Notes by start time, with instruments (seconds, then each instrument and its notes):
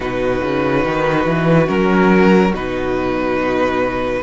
0.00 cello B2, viola D#4, violin F#4 B4
0.43 cello C#3
0.85 cello D#3
1.25 cello E3
1.66 cello F#3, viola C#4, violin A#4
2.52 cello B2, viola D#4, violin B4